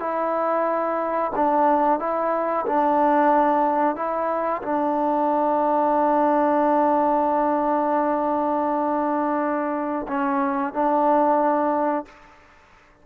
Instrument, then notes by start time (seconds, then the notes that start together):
trombone
0.00 E4
1.36 D4
2.00 E4
2.66 D4
3.96 E4
4.63 D4
10.08 C#4
10.74 D4